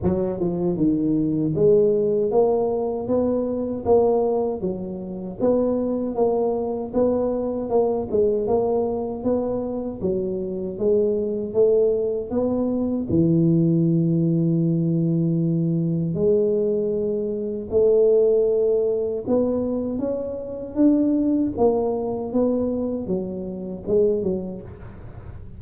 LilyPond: \new Staff \with { instrumentName = "tuba" } { \time 4/4 \tempo 4 = 78 fis8 f8 dis4 gis4 ais4 | b4 ais4 fis4 b4 | ais4 b4 ais8 gis8 ais4 | b4 fis4 gis4 a4 |
b4 e2.~ | e4 gis2 a4~ | a4 b4 cis'4 d'4 | ais4 b4 fis4 gis8 fis8 | }